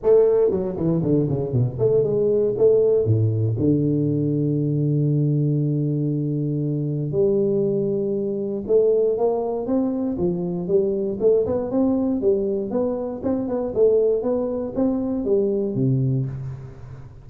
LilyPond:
\new Staff \with { instrumentName = "tuba" } { \time 4/4 \tempo 4 = 118 a4 fis8 e8 d8 cis8 b,8 a8 | gis4 a4 a,4 d4~ | d1~ | d2 g2~ |
g4 a4 ais4 c'4 | f4 g4 a8 b8 c'4 | g4 b4 c'8 b8 a4 | b4 c'4 g4 c4 | }